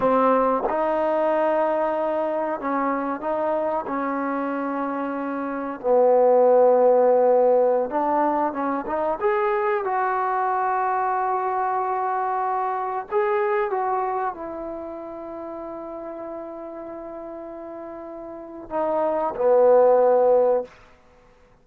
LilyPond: \new Staff \with { instrumentName = "trombone" } { \time 4/4 \tempo 4 = 93 c'4 dis'2. | cis'4 dis'4 cis'2~ | cis'4 b2.~ | b16 d'4 cis'8 dis'8 gis'4 fis'8.~ |
fis'1~ | fis'16 gis'4 fis'4 e'4.~ e'16~ | e'1~ | e'4 dis'4 b2 | }